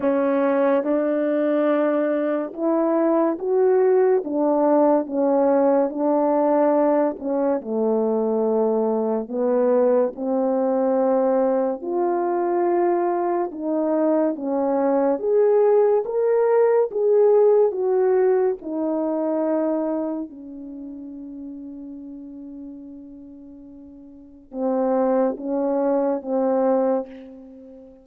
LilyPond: \new Staff \with { instrumentName = "horn" } { \time 4/4 \tempo 4 = 71 cis'4 d'2 e'4 | fis'4 d'4 cis'4 d'4~ | d'8 cis'8 a2 b4 | c'2 f'2 |
dis'4 cis'4 gis'4 ais'4 | gis'4 fis'4 dis'2 | cis'1~ | cis'4 c'4 cis'4 c'4 | }